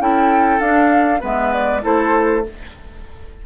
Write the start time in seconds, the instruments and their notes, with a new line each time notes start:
0.00 bassoon C#4, clarinet E4, oboe A4, flute G5
0.60 bassoon D4, clarinet D4, flute F5
1.20 bassoon G#3, clarinet B3, oboe B4, flute E5
1.53 flute D5
1.82 bassoon A3, clarinet E4, oboe A4, flute C5